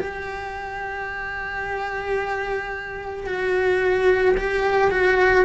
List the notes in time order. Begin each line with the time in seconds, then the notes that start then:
0.00 G4
3.26 F#4
4.37 G4
4.91 F#4